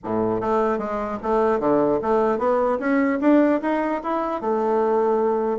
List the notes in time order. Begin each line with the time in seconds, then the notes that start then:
0.03 A2
0.41 A3
0.78 G#3
1.23 A3
1.59 D3
2.01 A3
2.38 B3
2.79 C#4
3.20 D4
3.61 D#4
4.03 E4
4.41 A3